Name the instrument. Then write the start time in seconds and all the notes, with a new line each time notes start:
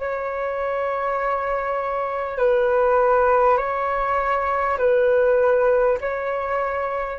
flute
0.00 C#5
2.38 B4
3.58 C#5
4.78 B4
6.01 C#5